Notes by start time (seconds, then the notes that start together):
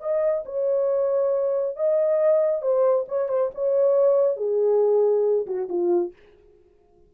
0.00 D#5
0.45 C#5
1.76 D#5
2.62 C5
3.08 C#5
3.28 C5
3.55 C#5
4.37 G#4
5.46 F#4
5.69 F4